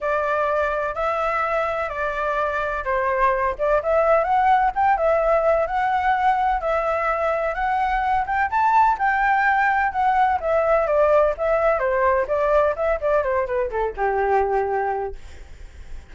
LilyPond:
\new Staff \with { instrumentName = "flute" } { \time 4/4 \tempo 4 = 127 d''2 e''2 | d''2 c''4. d''8 | e''4 fis''4 g''8 e''4. | fis''2 e''2 |
fis''4. g''8 a''4 g''4~ | g''4 fis''4 e''4 d''4 | e''4 c''4 d''4 e''8 d''8 | c''8 b'8 a'8 g'2~ g'8 | }